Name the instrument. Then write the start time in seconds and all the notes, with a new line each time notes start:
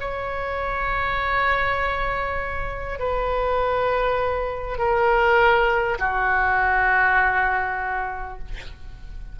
oboe
0.00 C#5
2.99 B4
4.78 A#4
5.99 F#4